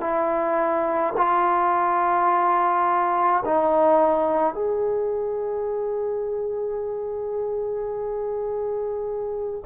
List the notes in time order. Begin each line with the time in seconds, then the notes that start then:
0.00 E4
1.17 F4
3.45 D#4
4.54 G#4